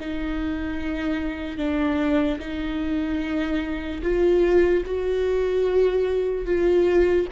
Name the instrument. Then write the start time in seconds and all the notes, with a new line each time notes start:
viola
0.00 D#4
1.58 D4
2.39 D#4
4.02 F4
4.85 F#4
6.45 F4